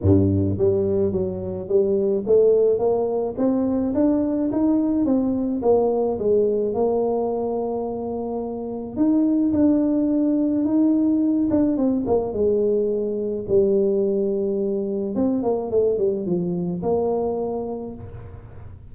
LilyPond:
\new Staff \with { instrumentName = "tuba" } { \time 4/4 \tempo 4 = 107 g,4 g4 fis4 g4 | a4 ais4 c'4 d'4 | dis'4 c'4 ais4 gis4 | ais1 |
dis'4 d'2 dis'4~ | dis'8 d'8 c'8 ais8 gis2 | g2. c'8 ais8 | a8 g8 f4 ais2 | }